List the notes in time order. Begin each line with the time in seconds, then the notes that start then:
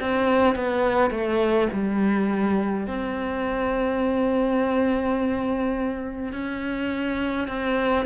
0.00 C4
0.56 B3
1.11 A3
1.73 G3
2.87 C4
6.33 C#4
7.48 C4